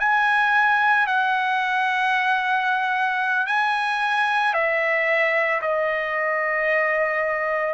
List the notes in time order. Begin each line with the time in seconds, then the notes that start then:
0.00 G#5
1.07 F#5
3.47 G#5
4.54 E5
5.62 D#5